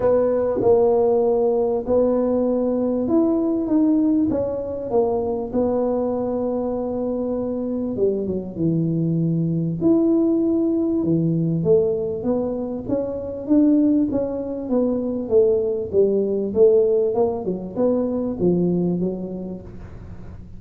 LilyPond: \new Staff \with { instrumentName = "tuba" } { \time 4/4 \tempo 4 = 98 b4 ais2 b4~ | b4 e'4 dis'4 cis'4 | ais4 b2.~ | b4 g8 fis8 e2 |
e'2 e4 a4 | b4 cis'4 d'4 cis'4 | b4 a4 g4 a4 | ais8 fis8 b4 f4 fis4 | }